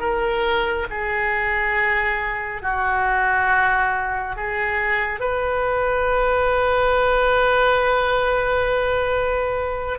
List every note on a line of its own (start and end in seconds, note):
0.00 0.87 A#4
0.90 2.62 G#4
2.62 4.36 F#4
4.36 5.20 G#4
5.20 9.98 B4